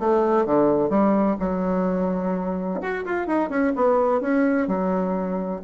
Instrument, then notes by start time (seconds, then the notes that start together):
bassoon
0.00 A3
0.46 D3
0.90 G3
1.40 F#3
2.82 F#4
3.06 F4
3.27 D#4
3.50 C#4
3.76 B3
4.21 C#4
4.68 F#3